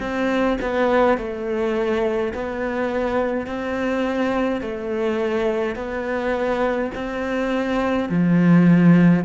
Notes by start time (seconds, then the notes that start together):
0.00 C4
0.61 B3
1.17 A3
2.33 B3
3.46 C4
4.62 A3
5.75 B3
6.95 C4
8.09 F3